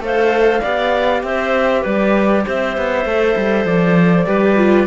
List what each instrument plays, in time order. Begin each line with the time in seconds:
0.00 cello A3, viola A4, clarinet C5, flute F5
0.61 cello B3, viola G4, clarinet D5
1.23 cello C4, clarinet C5, flute E5
1.82 cello G3, clarinet B4, flute D5
2.46 cello C4, clarinet C5, flute E5
2.78 cello B3
3.06 cello A3, viola A4
3.37 cello G3
3.65 cello F3, flute D5
4.27 cello G3, viola G4, clarinet B4
4.57 viola F4